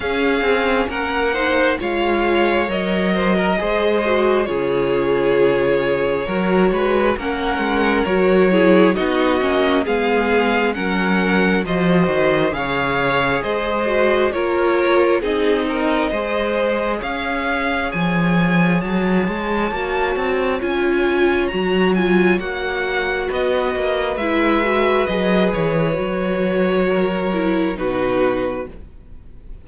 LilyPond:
<<
  \new Staff \with { instrumentName = "violin" } { \time 4/4 \tempo 4 = 67 f''4 fis''4 f''4 dis''4~ | dis''4 cis''2. | fis''4 cis''4 dis''4 f''4 | fis''4 dis''4 f''4 dis''4 |
cis''4 dis''2 f''4 | gis''4 a''2 gis''4 | ais''8 gis''8 fis''4 dis''4 e''4 | dis''8 cis''2~ cis''8 b'4 | }
  \new Staff \with { instrumentName = "violin" } { \time 4/4 gis'4 ais'8 c''8 cis''4. c''16 ais'16 | c''4 gis'2 ais'8 b'8 | ais'4. gis'8 fis'4 gis'4 | ais'4 c''4 cis''4 c''4 |
ais'4 gis'8 ais'8 c''4 cis''4~ | cis''1~ | cis''2 b'2~ | b'2 ais'4 fis'4 | }
  \new Staff \with { instrumentName = "viola" } { \time 4/4 cis'4. dis'8 f'4 ais'4 | gis'8 fis'8 f'2 fis'4 | cis'4 fis'8 e'8 dis'8 cis'8 b4 | cis'4 fis'4 gis'4. fis'8 |
f'4 dis'4 gis'2~ | gis'2 fis'4 f'4 | fis'8 f'8 fis'2 e'8 fis'8 | gis'4 fis'4. e'8 dis'4 | }
  \new Staff \with { instrumentName = "cello" } { \time 4/4 cis'8 c'8 ais4 gis4 fis4 | gis4 cis2 fis8 gis8 | ais8 gis8 fis4 b8 ais8 gis4 | fis4 f8 dis8 cis4 gis4 |
ais4 c'4 gis4 cis'4 | f4 fis8 gis8 ais8 c'8 cis'4 | fis4 ais4 b8 ais8 gis4 | fis8 e8 fis2 b,4 | }
>>